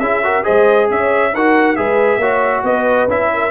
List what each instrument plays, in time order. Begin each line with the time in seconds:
0.00 tuba C#4, trombone E4, horn G#4, trumpet E5
0.23 trombone F#4, horn A#4
0.43 tuba G#3, trombone G#4, horn C5, trumpet D#5
0.90 tuba C#4, horn C#5, trumpet E5
1.34 tuba D#4, trombone F#4, horn A#4, trumpet F#5
1.76 tuba G#3, trombone G#4, horn B4, trumpet E5
2.18 tuba A#3, trombone F#4, horn C#5
2.63 tuba B3, horn B4, trumpet D#5
3.08 tuba C#4, trombone E4, trumpet E5
3.33 horn A#4